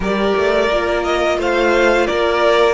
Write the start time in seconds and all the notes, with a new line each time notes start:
0.00 G3 G4 A#4 D5
0.37 A3
0.69 A#3 F4
1.03 D#5
1.38 A3 C5 F5
2.06 A#3 A#4 D5